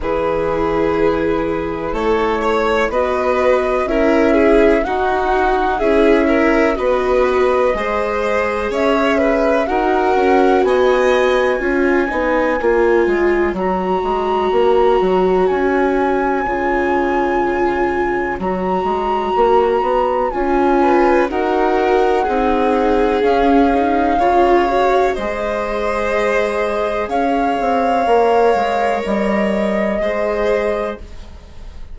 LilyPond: <<
  \new Staff \with { instrumentName = "flute" } { \time 4/4 \tempo 4 = 62 b'2 cis''4 dis''4 | e''4 fis''4 e''4 dis''4~ | dis''4 e''4 fis''4 gis''4~ | gis''2 ais''2 |
gis''2. ais''4~ | ais''4 gis''4 fis''2 | f''2 dis''2 | f''2 dis''2 | }
  \new Staff \with { instrumentName = "violin" } { \time 4/4 gis'2 a'8 cis''8 b'4 | ais'8 gis'8 fis'4 gis'8 ais'8 b'4 | c''4 cis''8 b'8 ais'4 dis''4 | cis''1~ |
cis''1~ | cis''4. b'8 ais'4 gis'4~ | gis'4 cis''4 c''2 | cis''2. c''4 | }
  \new Staff \with { instrumentName = "viola" } { \time 4/4 e'2. fis'4 | e'4 dis'4 e'4 fis'4 | gis'2 fis'2 | f'8 dis'8 f'4 fis'2~ |
fis'4 f'2 fis'4~ | fis'4 f'4 fis'4 dis'4 | cis'8 dis'8 f'8 fis'8 gis'2~ | gis'4 ais'2 gis'4 | }
  \new Staff \with { instrumentName = "bassoon" } { \time 4/4 e2 a4 b4 | cis'4 dis'4 cis'4 b4 | gis4 cis'4 dis'8 cis'8 b4 | cis'8 b8 ais8 gis8 fis8 gis8 ais8 fis8 |
cis'4 cis2 fis8 gis8 | ais8 b8 cis'4 dis'4 c'4 | cis'4 cis4 gis2 | cis'8 c'8 ais8 gis8 g4 gis4 | }
>>